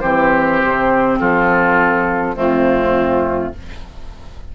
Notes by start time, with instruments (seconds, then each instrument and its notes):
0.00 bassoon E3, clarinet C4, oboe G4, flute C5
0.64 bassoon C3
1.19 bassoon F3, oboe F4, flute A4
2.35 bassoon F2, clarinet A3, oboe C4, flute F4